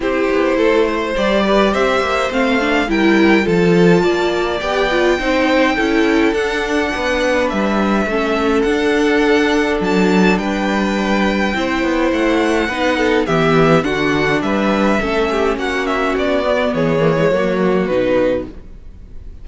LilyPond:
<<
  \new Staff \with { instrumentName = "violin" } { \time 4/4 \tempo 4 = 104 c''2 d''4 e''4 | f''4 g''4 a''2 | g''2. fis''4~ | fis''4 e''2 fis''4~ |
fis''4 a''4 g''2~ | g''4 fis''2 e''4 | fis''4 e''2 fis''8 e''8 | d''4 cis''2 b'4 | }
  \new Staff \with { instrumentName = "violin" } { \time 4/4 g'4 a'8 c''4 b'8 c''4~ | c''4 ais'4 a'4 d''4~ | d''4 c''4 a'2 | b'2 a'2~ |
a'2 b'2 | c''2 b'8 a'8 g'4 | fis'4 b'4 a'8 g'8 fis'4~ | fis'4 gis'4 fis'2 | }
  \new Staff \with { instrumentName = "viola" } { \time 4/4 e'2 g'2 | c'8 d'8 e'4 f'2 | g'8 f'8 dis'4 e'4 d'4~ | d'2 cis'4 d'4~ |
d'1 | e'2 dis'4 b4 | d'2 cis'2~ | cis'8 b4 ais16 gis16 ais4 dis'4 | }
  \new Staff \with { instrumentName = "cello" } { \time 4/4 c'8 b8 a4 g4 c'8 ais8 | a4 g4 f4 ais4 | b4 c'4 cis'4 d'4 | b4 g4 a4 d'4~ |
d'4 fis4 g2 | c'8 b8 a4 b4 e4 | d4 g4 a4 ais4 | b4 e4 fis4 b,4 | }
>>